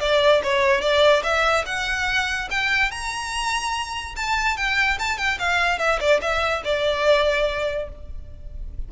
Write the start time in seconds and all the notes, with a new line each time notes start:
0.00 D5
0.43 C#5
0.81 D5
1.23 E5
1.66 F#5
2.50 G5
2.91 A#5
4.16 A5
4.57 G5
4.99 A5
5.17 G5
5.39 F5
5.78 E5
6.00 D5
6.21 E5
6.64 D5